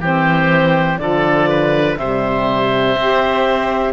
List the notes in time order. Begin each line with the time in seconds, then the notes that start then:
0.00 E3 C4 G4 C5
0.98 D3 F3 A4 D5
1.49 B4
1.97 C3 G3 C5 E5
2.96 C4 G4